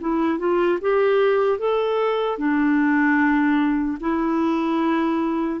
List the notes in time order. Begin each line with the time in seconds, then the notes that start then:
0.00 E4
0.39 F4
0.81 G4
1.59 A4
2.37 D4
4.00 E4